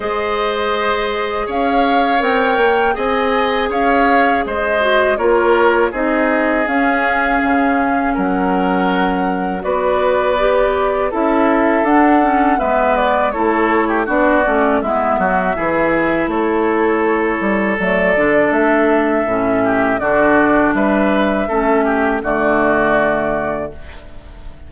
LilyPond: <<
  \new Staff \with { instrumentName = "flute" } { \time 4/4 \tempo 4 = 81 dis''2 f''4 g''4 | gis''4 f''4 dis''4 cis''4 | dis''4 f''2 fis''4~ | fis''4 d''2 e''4 |
fis''4 e''8 d''8 cis''4 d''4 | e''2 cis''2 | d''4 e''2 d''4 | e''2 d''2 | }
  \new Staff \with { instrumentName = "oboe" } { \time 4/4 c''2 cis''2 | dis''4 cis''4 c''4 ais'4 | gis'2. ais'4~ | ais'4 b'2 a'4~ |
a'4 b'4 a'8. g'16 fis'4 | e'8 fis'8 gis'4 a'2~ | a'2~ a'8 g'8 fis'4 | b'4 a'8 g'8 fis'2 | }
  \new Staff \with { instrumentName = "clarinet" } { \time 4/4 gis'2. ais'4 | gis'2~ gis'8 fis'8 f'4 | dis'4 cis'2.~ | cis'4 fis'4 g'4 e'4 |
d'8 cis'8 b4 e'4 d'8 cis'8 | b4 e'2. | a8 d'4. cis'4 d'4~ | d'4 cis'4 a2 | }
  \new Staff \with { instrumentName = "bassoon" } { \time 4/4 gis2 cis'4 c'8 ais8 | c'4 cis'4 gis4 ais4 | c'4 cis'4 cis4 fis4~ | fis4 b2 cis'4 |
d'4 gis4 a4 b8 a8 | gis8 fis8 e4 a4. g8 | fis8 d8 a4 a,4 d4 | g4 a4 d2 | }
>>